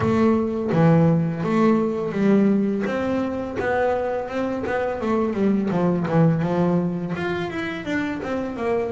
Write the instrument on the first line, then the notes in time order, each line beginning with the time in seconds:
double bass
0.00 A3
0.71 E3
1.43 A3
2.11 G3
2.86 C4
3.59 B3
4.28 C4
4.66 B3
5.00 A3
5.33 G3
5.70 F3
6.07 E3
6.42 F3
7.16 F4
7.50 E4
7.85 D4
8.22 C4
8.56 A#3